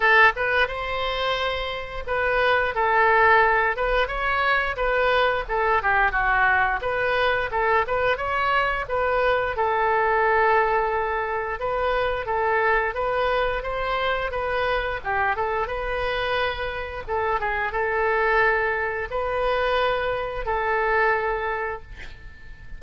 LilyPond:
\new Staff \with { instrumentName = "oboe" } { \time 4/4 \tempo 4 = 88 a'8 b'8 c''2 b'4 | a'4. b'8 cis''4 b'4 | a'8 g'8 fis'4 b'4 a'8 b'8 | cis''4 b'4 a'2~ |
a'4 b'4 a'4 b'4 | c''4 b'4 g'8 a'8 b'4~ | b'4 a'8 gis'8 a'2 | b'2 a'2 | }